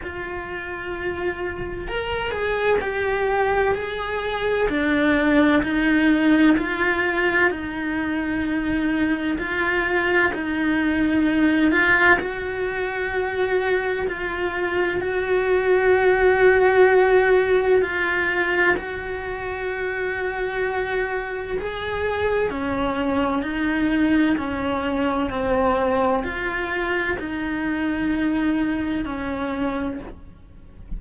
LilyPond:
\new Staff \with { instrumentName = "cello" } { \time 4/4 \tempo 4 = 64 f'2 ais'8 gis'8 g'4 | gis'4 d'4 dis'4 f'4 | dis'2 f'4 dis'4~ | dis'8 f'8 fis'2 f'4 |
fis'2. f'4 | fis'2. gis'4 | cis'4 dis'4 cis'4 c'4 | f'4 dis'2 cis'4 | }